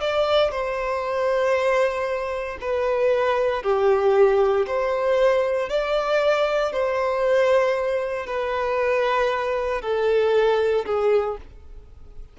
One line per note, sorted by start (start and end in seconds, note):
0.00 0.51 D5
0.51 2.58 C5
2.61 3.63 B4
3.63 4.66 G4
4.66 5.69 C5
5.69 6.72 D5
6.72 8.26 C5
8.26 9.81 B4
9.81 10.85 A4
10.85 11.37 G#4